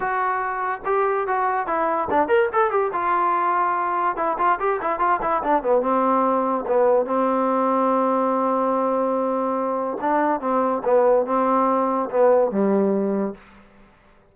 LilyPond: \new Staff \with { instrumentName = "trombone" } { \time 4/4 \tempo 4 = 144 fis'2 g'4 fis'4 | e'4 d'8 ais'8 a'8 g'8 f'4~ | f'2 e'8 f'8 g'8 e'8 | f'8 e'8 d'8 b8 c'2 |
b4 c'2.~ | c'1 | d'4 c'4 b4 c'4~ | c'4 b4 g2 | }